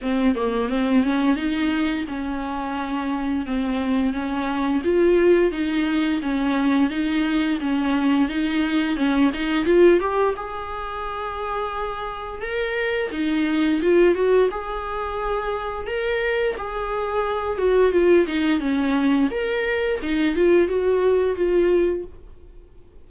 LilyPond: \new Staff \with { instrumentName = "viola" } { \time 4/4 \tempo 4 = 87 c'8 ais8 c'8 cis'8 dis'4 cis'4~ | cis'4 c'4 cis'4 f'4 | dis'4 cis'4 dis'4 cis'4 | dis'4 cis'8 dis'8 f'8 g'8 gis'4~ |
gis'2 ais'4 dis'4 | f'8 fis'8 gis'2 ais'4 | gis'4. fis'8 f'8 dis'8 cis'4 | ais'4 dis'8 f'8 fis'4 f'4 | }